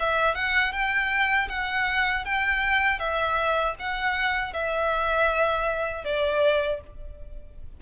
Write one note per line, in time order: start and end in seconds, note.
0.00 0.35 E5
0.35 0.73 F#5
0.73 1.49 G5
1.49 2.25 F#5
2.25 2.99 G5
2.99 3.75 E5
3.79 4.54 F#5
4.54 6.05 E5
6.05 6.81 D5